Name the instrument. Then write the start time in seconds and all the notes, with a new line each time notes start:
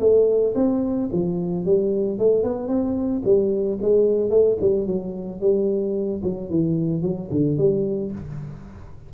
tuba
0.00 A3
0.55 C4
1.13 F3
1.65 G3
2.19 A3
2.44 B3
2.68 C4
3.25 G3
3.82 G#3
4.30 A3
4.61 G3
4.87 F#3
5.41 G3
6.24 F#3
6.50 E3
7.02 F#3
7.31 D3
7.58 G3